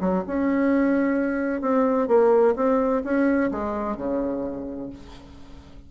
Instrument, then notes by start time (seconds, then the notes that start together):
bassoon
0.00 F#3
0.27 C#4
1.62 C4
2.08 A#3
2.56 C4
3.04 C#4
3.51 G#3
3.97 C#3